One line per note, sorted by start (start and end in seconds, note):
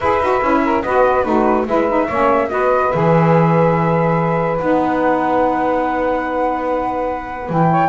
0.00 0.19 E4
0.00 0.21 G#4
0.00 0.60 B4
0.00 0.82 E5
0.19 0.40 D#4
0.19 0.42 F#4
0.41 0.83 C#4
0.41 0.84 E4
0.64 0.84 A#4
0.82 1.25 B3
0.82 1.24 F#4
0.82 1.25 B4
0.82 1.23 D#5
1.23 1.66 A3
1.23 1.65 D#4
1.23 1.67 F#4
1.23 1.65 B4
1.66 2.08 G#3
1.66 1.88 E4
1.66 2.07 B4
1.66 2.49 E5
1.88 2.09 D#4
2.07 2.51 A#3
2.07 2.49 C#4
2.07 2.49 C#5
2.49 2.92 B3
2.49 2.91 F#4
2.49 7.70 B4
2.49 2.91 D#5
2.91 4.60 E3
2.91 4.57 G#4
2.91 4.58 E5
4.57 7.49 B3
4.57 7.48 D#4
4.57 7.50 F#5
7.48 7.89 E3
7.48 7.89 E4
7.48 7.89 G5
7.70 7.89 C#5